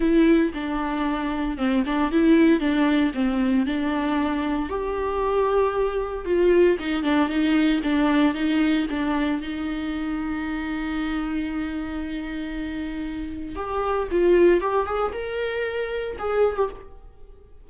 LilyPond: \new Staff \with { instrumentName = "viola" } { \time 4/4 \tempo 4 = 115 e'4 d'2 c'8 d'8 | e'4 d'4 c'4 d'4~ | d'4 g'2. | f'4 dis'8 d'8 dis'4 d'4 |
dis'4 d'4 dis'2~ | dis'1~ | dis'2 g'4 f'4 | g'8 gis'8 ais'2 gis'8. g'16 | }